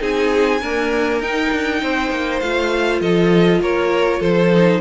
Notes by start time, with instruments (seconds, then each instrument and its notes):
0.00 cello C4, viola D#4, violin G#4 G#5
0.61 viola A#3, cello D4, violin A#4
1.20 cello D#4, viola D#4, violin G5
1.52 cello D4
1.82 cello C4, violin C5
2.11 cello A#3
2.40 cello A3, viola F4, violin F5
3.01 cello F3, violin A4 D#5
3.60 cello A#3, violin A#4 C#5
4.20 cello F3, violin A4 C5
4.54 viola D#4